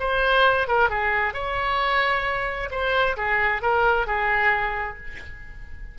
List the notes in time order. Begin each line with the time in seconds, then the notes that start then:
0.00 C5
0.68 A#4
0.90 G#4
1.34 C#5
2.71 C5
3.17 G#4
3.62 A#4
4.07 G#4